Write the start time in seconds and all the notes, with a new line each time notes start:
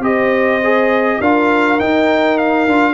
0.00 C4 G4 C5 D#5
0.64 G#4
1.20 D4 F4 A#4 F5
1.80 D#4 G5
2.38 F5
2.67 D4 F4